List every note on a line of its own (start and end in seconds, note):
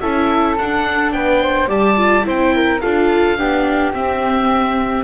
0.00 0.58 C#4
0.00 0.58 E4
0.00 1.14 A4
0.00 0.56 E5
0.58 1.12 D4
0.58 1.68 D4
0.58 1.12 F#5
1.12 1.68 B3
1.12 1.42 B4
1.12 1.68 G5
1.43 1.69 C5
1.68 2.24 G3
1.68 1.96 G4
1.68 2.25 D5
1.68 2.26 A5
1.97 2.23 F4
2.23 2.81 C4
2.23 2.80 E4
2.23 2.54 C5
2.23 2.81 G5
2.55 2.82 A#4
2.81 3.38 D4
2.81 3.37 F4
2.81 3.38 A4
2.81 3.93 F5
3.37 3.94 B3
3.37 3.93 D4
3.37 5.04 G4
3.93 5.04 C4
3.93 5.04 E5